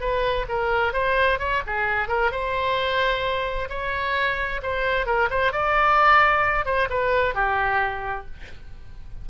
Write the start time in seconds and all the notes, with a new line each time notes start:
0.00 B4
0.49 A#4
0.93 C5
1.39 C#5
1.66 G#4
2.08 A#4
2.31 C5
3.69 C#5
4.62 C5
5.06 A#4
5.30 C5
5.52 D5
6.65 C5
6.90 B4
7.35 G4